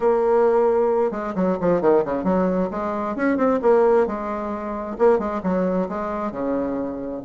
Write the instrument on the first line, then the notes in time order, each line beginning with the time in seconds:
bassoon
0.00 A#3
1.11 G#3
1.35 F#3
1.60 F3
1.81 D#3
2.04 C#3
2.24 F#3
2.70 G#3
3.16 C#4
3.37 C4
3.62 A#3
4.06 G#3
4.98 A#3
5.18 G#3
5.43 F#3
5.88 G#3
6.31 C#3